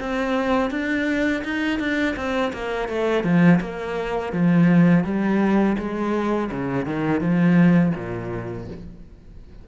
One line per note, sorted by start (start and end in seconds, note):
0.00 0.71 C4
0.71 1.44 D4
1.45 1.80 D#4
1.80 2.16 D4
2.17 2.53 C4
2.54 2.89 A#3
2.89 3.24 A3
3.24 3.60 F3
3.61 4.33 A#3
4.33 5.05 F3
5.05 5.77 G3
5.79 6.51 G#3
6.52 6.86 C#3
6.86 7.21 D#3
7.21 7.93 F3
7.96 8.68 A#2